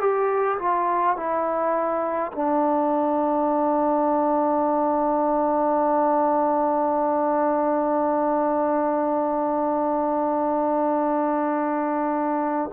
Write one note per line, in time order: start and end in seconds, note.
0.00 0.58 G4
0.59 1.16 F4
1.16 2.31 E4
2.32 12.70 D4